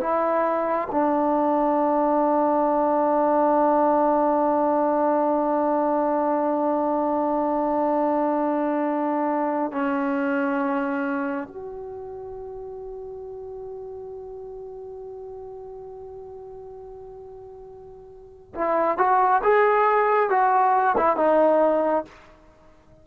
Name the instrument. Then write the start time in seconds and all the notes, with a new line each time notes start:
trombone
0.00 E4
0.91 D4
9.71 C#4
11.48 F#4
18.55 E4
18.97 F#4
19.43 G#4
20.29 F#4
20.97 E4
21.16 D#4